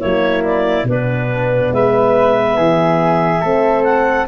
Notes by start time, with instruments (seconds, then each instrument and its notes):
0.00 tuba F#3, horn A#3, flute E4, clarinet C#5
0.44 clarinet D5
0.84 tuba B2, flute D4, clarinet B4
0.90 horn B3
1.72 tuba G#3, flute B4, clarinet E5
2.57 tuba E3, flute G#4
3.41 tuba A3, horn C4, flute A4
3.84 clarinet F#5